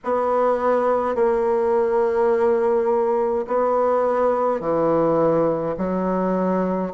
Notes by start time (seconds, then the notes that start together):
0.04 B3
1.15 A#3
3.47 B3
4.60 E3
5.77 F#3